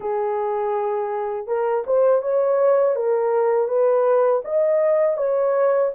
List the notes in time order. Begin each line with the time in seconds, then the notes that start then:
0.00 G#4
1.46 A#4
1.86 C5
2.22 C#5
2.95 A#4
3.68 B4
4.44 D#5
5.17 C#5